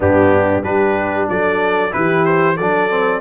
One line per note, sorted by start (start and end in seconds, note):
0.00 0.62 G2
0.00 0.62 B3
0.00 0.64 D4
0.00 0.63 G4
0.62 1.27 G3
0.62 1.90 D4
0.62 1.28 G4
0.62 1.28 B4
1.29 1.93 F#3
1.29 1.94 A4
1.29 1.93 D5
1.90 2.59 E3
1.90 2.55 E4
1.90 2.56 G4
1.90 2.25 B4
2.25 2.56 C5
2.56 3.21 F#3
2.56 2.90 D4
2.56 3.21 A4
2.56 3.21 D5
2.90 3.21 C4